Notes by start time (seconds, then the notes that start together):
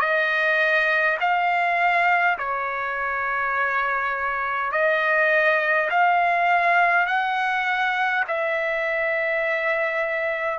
0.00 D#5
1.20 F5
2.37 C#5
4.72 D#5
5.90 F5
7.06 F#5
8.27 E5